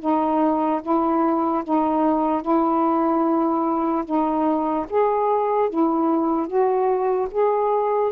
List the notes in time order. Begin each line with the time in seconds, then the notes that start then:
0.00 D#4
0.83 E4
1.64 D#4
2.42 E4
4.05 D#4
4.89 G#4
5.70 E4
6.47 F#4
7.32 G#4